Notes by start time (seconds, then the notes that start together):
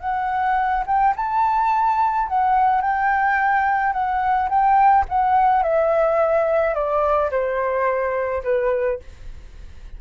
0.00 F#5
0.86 G5
1.16 A5
2.28 F#5
2.81 G5
3.93 F#5
4.49 G5
5.09 F#5
5.63 E5
6.75 D5
7.31 C5
8.44 B4